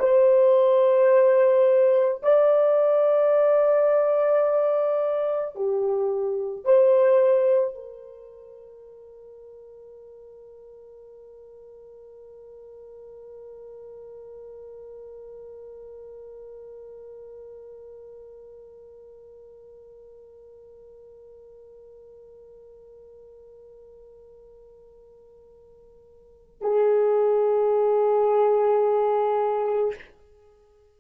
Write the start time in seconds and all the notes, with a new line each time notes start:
0.00 C5
2.23 D5
5.56 G4
6.65 C5
7.75 A#4
26.62 G#4